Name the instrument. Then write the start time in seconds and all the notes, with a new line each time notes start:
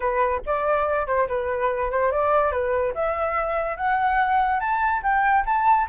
flute
0.00 B4
0.46 D5
1.06 C5
1.28 B4
1.90 C5
2.11 D5
2.51 B4
2.94 E5
3.76 F#5
4.59 A5
5.02 G5
5.45 A5